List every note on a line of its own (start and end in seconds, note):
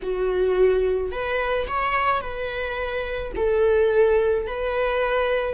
0.02 1.11 F#4
1.11 1.67 B4
1.67 2.21 C#5
2.21 3.32 B4
3.35 4.46 A4
4.46 5.54 B4